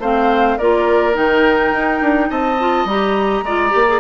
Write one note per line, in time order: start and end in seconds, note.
0.00 0.57 A3
0.00 0.60 C4
0.00 0.58 C5
0.00 0.58 F5
0.58 1.17 A#3
0.58 1.14 F4
0.58 2.30 A#4
0.58 1.15 D5
1.14 1.72 D#3
1.14 2.56 D#4
1.14 2.31 G5
1.72 2.00 D#4
2.01 2.30 D4
2.30 2.85 C4
2.30 3.45 D#5
2.30 2.88 A5
2.60 2.88 F4
2.85 3.42 G3
2.85 3.46 G4
2.85 4.00 A#5
3.43 3.72 G#3
3.43 3.70 F4
3.43 4.00 D5
3.70 4.00 A#3
3.70 3.85 G4
3.88 4.00 G#4